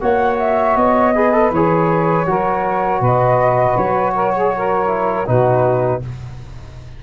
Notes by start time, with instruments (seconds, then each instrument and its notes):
0.00 tuba A#3, trombone F#4, saxophone C#5, flute F#5
0.39 flute E5
0.76 tuba B3, flute D#5
1.14 trombone G#4, saxophone B4
1.32 trombone A4
1.51 tuba E3, trombone G#4, flute C#5
2.26 tuba F#3, trombone F#4, saxophone A#4
3.00 tuba B2, saxophone B4, flute D#5
3.77 tuba F#3, flute C#5
4.15 saxophone A#4
4.35 saxophone G#4
4.57 saxophone A#4
4.87 trombone E4
5.26 tuba B2, trombone D#4, saxophone F#4, flute B4